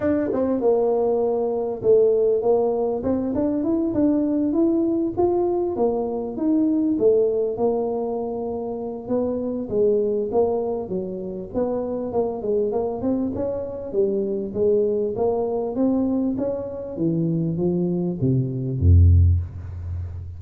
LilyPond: \new Staff \with { instrumentName = "tuba" } { \time 4/4 \tempo 4 = 99 d'8 c'8 ais2 a4 | ais4 c'8 d'8 e'8 d'4 e'8~ | e'8 f'4 ais4 dis'4 a8~ | a8 ais2~ ais8 b4 |
gis4 ais4 fis4 b4 | ais8 gis8 ais8 c'8 cis'4 g4 | gis4 ais4 c'4 cis'4 | e4 f4 c4 f,4 | }